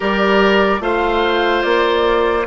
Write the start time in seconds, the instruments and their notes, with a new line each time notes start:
0.00 bassoon G3, clarinet G4, oboe A#4, flute D5
0.80 bassoon A3, clarinet F4, oboe C5, flute F5
1.62 bassoon A#3, flute D5